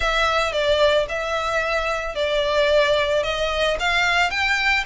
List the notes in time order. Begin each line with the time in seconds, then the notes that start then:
0.00 E5
0.52 D5
1.08 E5
2.15 D5
3.23 D#5
3.79 F5
4.30 G5